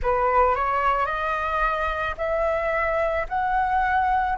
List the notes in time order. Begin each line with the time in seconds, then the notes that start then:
0.02 B4
0.55 C#5
1.06 D#5
2.17 E5
3.28 F#5